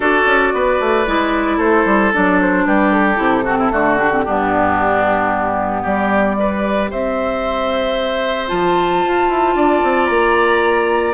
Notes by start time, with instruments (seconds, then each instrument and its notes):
0.00 bassoon D4, clarinet F#4, oboe A4, flute D5
0.26 bassoon C#4
0.53 bassoon B3, oboe B4
0.80 bassoon A3
1.07 bassoon G#3, clarinet E4
1.57 bassoon A3, oboe A4, flute C5
1.85 bassoon G3
2.13 bassoon F#3, clarinet D4, flute D5
2.41 flute C5
2.65 bassoon G3, oboe G4, flute B4
2.92 flute A4
3.16 bassoon C3, clarinet E4
3.44 clarinet C4, oboe F#4
3.58 oboe E4
3.71 bassoon D3, clarinet A3, oboe F#4
3.97 clarinet D4, flute G4
4.12 clarinet C4
4.24 bassoon G2, clarinet B3, oboe D4
5.82 bassoon G3, oboe G4, flute D5
6.39 clarinet G4, oboe B4
6.90 bassoon C4, oboe C5, flute E5
8.47 bassoon F3, clarinet F4, flute A5
9.04 bassoon F4
9.28 bassoon E4
9.54 bassoon D4, oboe D5
9.83 bassoon C4
10.06 bassoon A#3, flute A#5